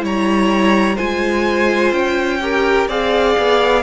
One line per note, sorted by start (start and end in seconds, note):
0.00 0.97 G3
0.00 0.95 E4
0.00 0.95 C#5
0.00 0.97 A#5
0.95 1.92 G#3
0.95 2.40 F4
0.95 2.38 C5
0.95 1.92 G#5
1.92 2.87 C#4
1.92 2.88 G5
2.41 2.88 G4
2.41 2.88 A#4
2.88 3.35 C4
2.88 3.83 G#4
2.88 3.83 D5
2.88 3.83 F5
3.38 3.83 B3